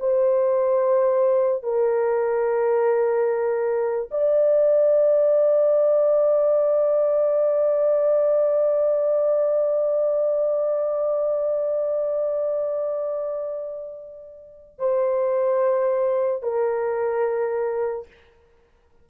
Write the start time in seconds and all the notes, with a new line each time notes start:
0.00 C5
1.63 A#4
4.11 D5
14.79 C5
16.43 A#4